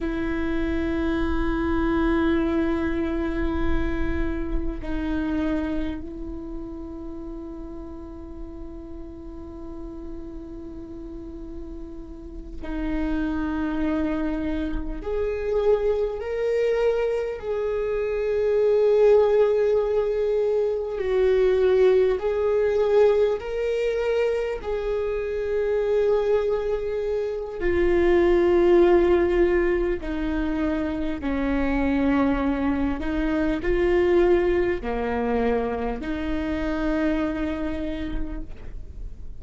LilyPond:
\new Staff \with { instrumentName = "viola" } { \time 4/4 \tempo 4 = 50 e'1 | dis'4 e'2.~ | e'2~ e'8 dis'4.~ | dis'8 gis'4 ais'4 gis'4.~ |
gis'4. fis'4 gis'4 ais'8~ | ais'8 gis'2~ gis'8 f'4~ | f'4 dis'4 cis'4. dis'8 | f'4 ais4 dis'2 | }